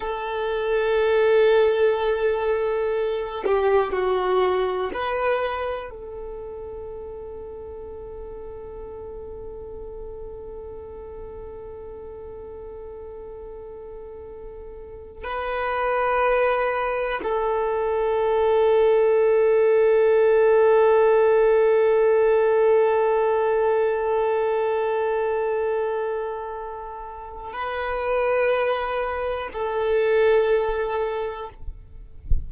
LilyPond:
\new Staff \with { instrumentName = "violin" } { \time 4/4 \tempo 4 = 61 a'2.~ a'8 g'8 | fis'4 b'4 a'2~ | a'1~ | a'2.~ a'8 b'8~ |
b'4. a'2~ a'8~ | a'1~ | a'1 | b'2 a'2 | }